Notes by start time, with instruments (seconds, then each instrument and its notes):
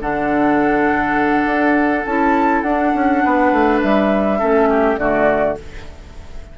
0.00 bassoon D3, clarinet D4, oboe A4, flute F#5
1.45 bassoon D4
2.06 bassoon C#4, clarinet E4, flute A5
2.62 bassoon D4, clarinet D4, flute F#5
2.94 bassoon C#4
3.24 bassoon B3, oboe B4
3.52 bassoon A3
3.81 bassoon G3, flute E5
4.38 bassoon A3, clarinet C#4, oboe A4
4.70 oboe G4
4.97 bassoon D3, clarinet A3, oboe F#4, flute D5